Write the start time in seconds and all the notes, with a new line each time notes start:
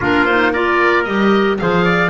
0.01 A#3 D4 F4 A#4
0.25 D#4 C5
0.52 F4 A#4 D5
1.04 G3 G4 D#5
1.58 F3 G#4 C5 F5
1.84 D5